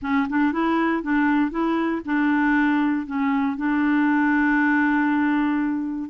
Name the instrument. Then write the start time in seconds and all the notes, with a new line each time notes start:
clarinet
0.02 C#4
0.29 D4
0.52 E4
1.02 D4
1.50 E4
2.05 D4
3.06 C#4
3.56 D4